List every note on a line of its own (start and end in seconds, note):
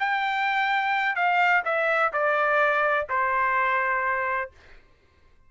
0.00 1.16 G5
1.16 1.63 F5
1.65 2.12 E5
2.13 3.08 D5
3.09 4.51 C5